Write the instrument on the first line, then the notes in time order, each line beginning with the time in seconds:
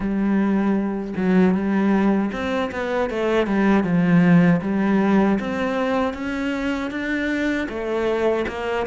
cello
0.00 G3
1.16 F#3
1.54 G3
2.32 C4
2.71 B3
3.09 A3
3.46 G3
3.83 F3
4.62 G3
5.39 C4
6.13 C#4
6.90 D4
7.69 A3
8.48 A#3